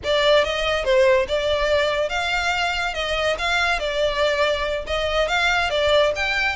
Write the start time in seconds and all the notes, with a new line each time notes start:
0.03 D5
0.44 D#5
0.84 C5
1.28 D5
2.09 F5
2.94 D#5
3.38 F5
3.79 D5
4.86 D#5
5.28 F5
5.70 D5
6.15 G5